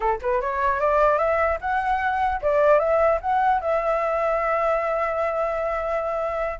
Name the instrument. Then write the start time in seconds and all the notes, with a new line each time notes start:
flute
0.00 A4
0.21 B4
0.41 C#5
0.80 D5
1.18 E5
1.61 F#5
2.41 D5
2.79 E5
3.21 F#5
3.60 E5